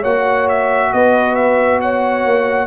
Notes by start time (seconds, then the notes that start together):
0.00 A#3 F#4 C#5 F#5
0.49 E5
0.93 B3 B4 D#5
1.35 E5
1.81 C#5 F#5
2.25 A#3